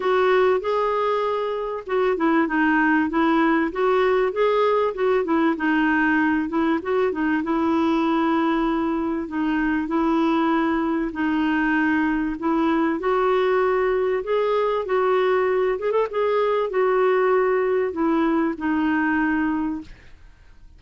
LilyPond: \new Staff \with { instrumentName = "clarinet" } { \time 4/4 \tempo 4 = 97 fis'4 gis'2 fis'8 e'8 | dis'4 e'4 fis'4 gis'4 | fis'8 e'8 dis'4. e'8 fis'8 dis'8 | e'2. dis'4 |
e'2 dis'2 | e'4 fis'2 gis'4 | fis'4. gis'16 a'16 gis'4 fis'4~ | fis'4 e'4 dis'2 | }